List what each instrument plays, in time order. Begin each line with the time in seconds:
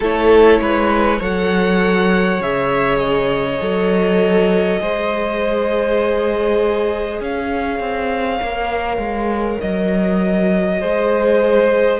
0.00 cello A3, viola E4, violin A4 C#5
0.59 cello G#3, violin B4
1.19 cello F#3, viola A4, violin C#5 F#5
2.40 cello C#3, viola G#4, violin E5
2.98 violin D#5
3.59 cello F#3, viola A4
4.79 cello G#3, viola G#4, violin C5
7.20 cello C#4, violin C#5 F5
7.79 cello C4
8.40 cello A#3, viola A#4
8.97 cello G#3
9.60 cello F#3, violin D#5
10.80 cello G#3, viola G#4, violin C5